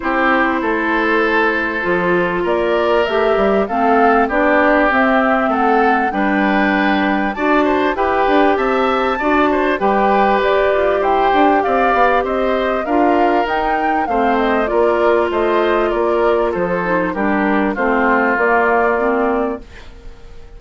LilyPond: <<
  \new Staff \with { instrumentName = "flute" } { \time 4/4 \tempo 4 = 98 c''1 | d''4 e''4 f''4 d''4 | e''4 fis''4 g''2 | a''4 g''4 a''2 |
g''4 d''4 g''4 f''4 | dis''4 f''4 g''4 f''8 dis''8 | d''4 dis''4 d''4 c''4 | ais'4 c''4 d''2 | }
  \new Staff \with { instrumentName = "oboe" } { \time 4/4 g'4 a'2. | ais'2 a'4 g'4~ | g'4 a'4 b'2 | d''8 c''8 b'4 e''4 d''8 c''8 |
b'2 c''4 d''4 | c''4 ais'2 c''4 | ais'4 c''4 ais'4 a'4 | g'4 f'2. | }
  \new Staff \with { instrumentName = "clarinet" } { \time 4/4 e'2. f'4~ | f'4 g'4 c'4 d'4 | c'2 d'2 | fis'4 g'2 fis'4 |
g'1~ | g'4 f'4 dis'4 c'4 | f'2.~ f'8 dis'8 | d'4 c'4 ais4 c'4 | }
  \new Staff \with { instrumentName = "bassoon" } { \time 4/4 c'4 a2 f4 | ais4 a8 g8 a4 b4 | c'4 a4 g2 | d'4 e'8 d'8 c'4 d'4 |
g4 g'8 f'8 e'8 d'8 c'8 b8 | c'4 d'4 dis'4 a4 | ais4 a4 ais4 f4 | g4 a4 ais2 | }
>>